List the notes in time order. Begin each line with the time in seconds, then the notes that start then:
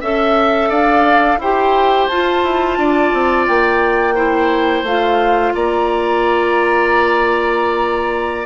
0.00 C#4 A4 E5
0.69 D4 D5 F5
1.38 E4 G4 C5 G5
2.07 F4 A5
2.43 E4
2.77 D4 D5
3.13 C4
3.47 A#3 G5
4.15 E4 C5
4.82 A3 F4 F5
5.54 A#3 D5 A#5